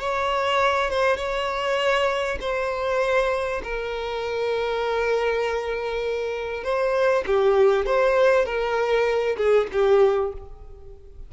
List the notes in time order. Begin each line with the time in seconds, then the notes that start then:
0.00 C#5
0.91 C5
1.17 C#5
2.41 C5
3.64 A#4
6.64 C5
7.27 G4
7.86 C5
8.46 A#4
9.37 G#4
9.72 G4